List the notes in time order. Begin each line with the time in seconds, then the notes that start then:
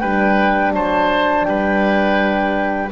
0.00 G3 D4 B4 G5
0.74 F#3 C5 A5
1.44 G3 B4 G5